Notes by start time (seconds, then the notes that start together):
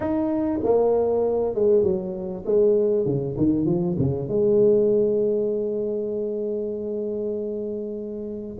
0.00 D#4
0.63 A#3
1.54 G#3
1.83 F#3
2.45 G#3
3.05 C#3
3.37 D#3
3.65 F3
3.98 C#3
4.28 G#3